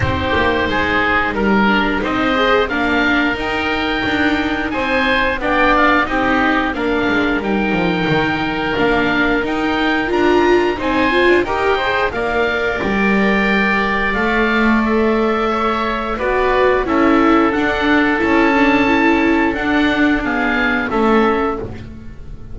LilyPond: <<
  \new Staff \with { instrumentName = "oboe" } { \time 4/4 \tempo 4 = 89 c''2 ais'4 dis''4 | f''4 g''2 gis''4 | g''8 f''8 dis''4 f''4 g''4~ | g''4 f''4 g''4 ais''4 |
gis''4 g''4 f''4 g''4~ | g''4 f''4 e''2 | d''4 e''4 fis''4 a''4~ | a''4 fis''4 f''4 e''4 | }
  \new Staff \with { instrumentName = "oboe" } { \time 4/4 g'4 gis'4 ais'4 c''4 | ais'2. c''4 | d''4 g'4 ais'2~ | ais'1 |
c''4 ais'8 c''8 d''2~ | d''2. cis''4 | b'4 a'2.~ | a'2 gis'4 a'4 | }
  \new Staff \with { instrumentName = "viola" } { \time 4/4 dis'2~ dis'8 d'8 dis'8 gis'8 | d'4 dis'2. | d'4 dis'4 d'4 dis'4~ | dis'4 d'4 dis'4 f'4 |
dis'8 f'8 g'8 gis'8 ais'2~ | ais'4 a'2. | fis'4 e'4 d'4 e'8 d'8 | e'4 d'4 b4 cis'4 | }
  \new Staff \with { instrumentName = "double bass" } { \time 4/4 c'8 ais8 gis4 g4 c'4 | ais4 dis'4 d'4 c'4 | b4 c'4 ais8 gis8 g8 f8 | dis4 ais4 dis'4 d'4 |
c'8. d'16 dis'4 ais4 g4~ | g4 a2. | b4 cis'4 d'4 cis'4~ | cis'4 d'2 a4 | }
>>